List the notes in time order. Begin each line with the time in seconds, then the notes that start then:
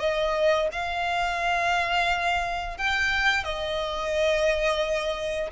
0.00 D#5
0.72 F5
2.78 G5
3.45 D#5